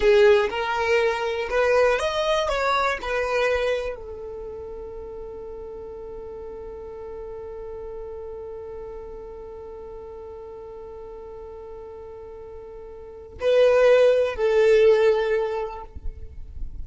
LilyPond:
\new Staff \with { instrumentName = "violin" } { \time 4/4 \tempo 4 = 121 gis'4 ais'2 b'4 | dis''4 cis''4 b'2 | a'1~ | a'1~ |
a'1~ | a'1~ | a'2. b'4~ | b'4 a'2. | }